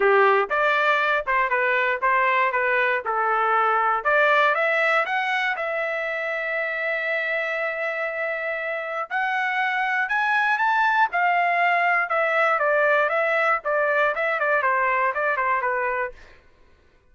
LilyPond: \new Staff \with { instrumentName = "trumpet" } { \time 4/4 \tempo 4 = 119 g'4 d''4. c''8 b'4 | c''4 b'4 a'2 | d''4 e''4 fis''4 e''4~ | e''1~ |
e''2 fis''2 | gis''4 a''4 f''2 | e''4 d''4 e''4 d''4 | e''8 d''8 c''4 d''8 c''8 b'4 | }